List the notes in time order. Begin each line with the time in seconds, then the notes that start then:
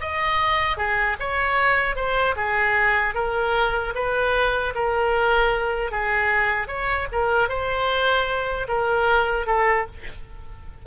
0.00 D#5
0.77 G#4
1.19 C#5
1.96 C5
2.36 G#4
3.14 A#4
3.94 B4
4.75 A#4
5.91 G#4
6.67 C#5
7.12 A#4
7.49 C5
8.68 A#4
9.46 A4